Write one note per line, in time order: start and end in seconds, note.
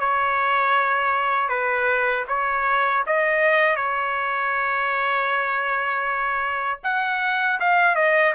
0.00 1.49 C#5
1.49 2.25 B4
2.28 3.04 C#5
3.06 3.76 D#5
3.76 6.80 C#5
6.84 7.59 F#5
7.60 7.95 F5
7.95 8.33 D#5